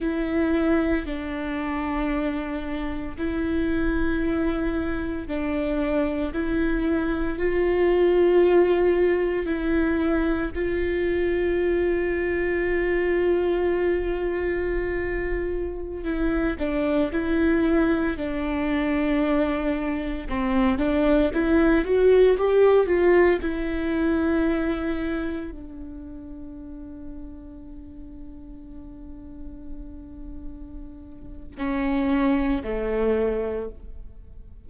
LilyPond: \new Staff \with { instrumentName = "viola" } { \time 4/4 \tempo 4 = 57 e'4 d'2 e'4~ | e'4 d'4 e'4 f'4~ | f'4 e'4 f'2~ | f'2.~ f'16 e'8 d'16~ |
d'16 e'4 d'2 c'8 d'16~ | d'16 e'8 fis'8 g'8 f'8 e'4.~ e'16~ | e'16 d'2.~ d'8.~ | d'2 cis'4 a4 | }